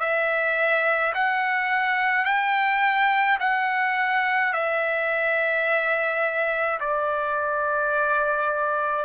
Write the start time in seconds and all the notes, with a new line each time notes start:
0.00 E5
1.14 F#5
2.25 G5
3.40 F#5
4.53 E5
6.80 D5